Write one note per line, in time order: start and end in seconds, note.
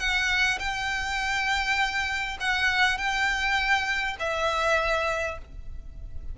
0.00 0.59 F#5
0.60 2.38 G5
2.41 2.98 F#5
2.98 4.17 G5
4.20 5.39 E5